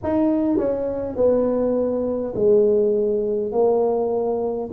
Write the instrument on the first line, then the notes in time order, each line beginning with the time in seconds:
tuba
0.03 D#4
0.57 C#4
1.16 B3
2.35 G#3
3.51 A#3